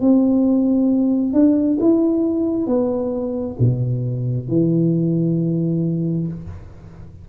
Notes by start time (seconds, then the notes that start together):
0.00 C4
1.33 D4
1.80 E4
2.67 B3
3.59 B2
4.48 E3